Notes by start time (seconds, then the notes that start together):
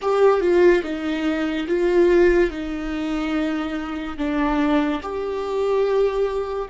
0.02 G4
0.41 F4
0.83 D#4
1.67 F4
2.50 D#4
4.17 D4
5.02 G4